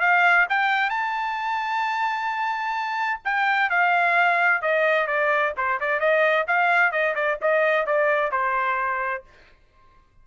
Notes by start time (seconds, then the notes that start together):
0.00 F5
0.49 G5
0.90 A5
3.24 G5
3.70 F5
4.62 D#5
5.07 D5
5.57 C5
5.80 D5
6.00 D#5
6.47 F5
6.91 D#5
7.15 D5
7.41 D#5
7.86 D5
8.31 C5